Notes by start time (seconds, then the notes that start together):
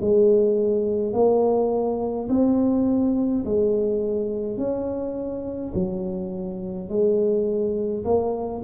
0.00 G#3
1.12 A#3
2.29 C4
3.45 G#3
4.57 C#4
5.74 F#3
6.89 G#3
8.04 A#3